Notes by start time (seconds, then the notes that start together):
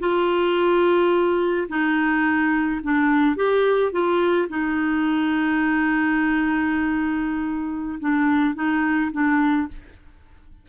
0.00 F4
1.69 D#4
2.84 D4
3.37 G4
3.93 F4
4.49 D#4
8.01 D4
8.55 D#4
9.12 D4